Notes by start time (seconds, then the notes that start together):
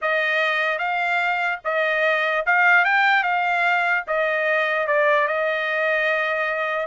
0.01 D#5
0.78 F5
1.64 D#5
2.45 F5
2.85 G5
3.23 F5
4.07 D#5
4.87 D5
5.27 D#5